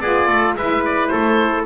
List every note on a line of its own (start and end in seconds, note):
0.00 0.28 B3
0.00 0.57 F4
0.00 0.27 G#4
0.00 0.55 D5
0.27 0.54 A3
0.27 0.54 A4
0.54 1.09 G#3
0.54 1.65 E4
0.54 1.11 B4
0.54 0.83 E5
0.85 1.07 D5
1.07 1.65 A3
1.07 1.65 A4
1.07 1.62 C5